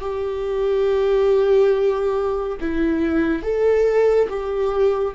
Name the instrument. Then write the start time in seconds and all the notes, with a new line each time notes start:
viola
0.00 G4
2.60 E4
3.42 A4
4.29 G4